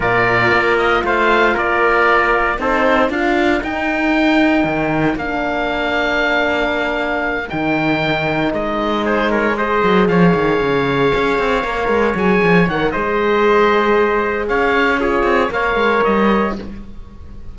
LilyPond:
<<
  \new Staff \with { instrumentName = "oboe" } { \time 4/4 \tempo 4 = 116 d''4. dis''8 f''4 d''4~ | d''4 c''4 f''4 g''4~ | g''2 f''2~ | f''2~ f''8 g''4.~ |
g''8 dis''4 c''8 cis''8 dis''4 f''8~ | f''2.~ f''8 gis''8~ | gis''8 fis''8 dis''2. | f''4 cis''4 f''4 dis''4 | }
  \new Staff \with { instrumentName = "trumpet" } { \time 4/4 ais'2 c''4 ais'4~ | ais'4 a'4 ais'2~ | ais'1~ | ais'1~ |
ais'4. gis'8 ais'8 c''4 cis''8~ | cis''1~ | cis''4 c''2. | cis''4 gis'4 cis''2 | }
  \new Staff \with { instrumentName = "horn" } { \time 4/4 f'1~ | f'4 dis'4 f'4 dis'4~ | dis'2 d'2~ | d'2~ d'8 dis'4.~ |
dis'2~ dis'8 gis'4.~ | gis'2~ gis'8 ais'4 gis'8~ | gis'8 ais'8 gis'2.~ | gis'4 f'4 ais'2 | }
  \new Staff \with { instrumentName = "cello" } { \time 4/4 ais,4 ais4 a4 ais4~ | ais4 c'4 d'4 dis'4~ | dis'4 dis4 ais2~ | ais2~ ais8 dis4.~ |
dis8 gis2~ gis8 fis8 f8 | dis8 cis4 cis'8 c'8 ais8 gis8 fis8 | f8 dis8 gis2. | cis'4. c'8 ais8 gis8 g4 | }
>>